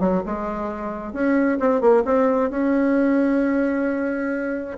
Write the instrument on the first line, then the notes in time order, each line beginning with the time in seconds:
bassoon
0.00 F#3
0.26 G#3
1.13 C#4
1.60 C4
1.81 A#3
2.05 C4
2.50 C#4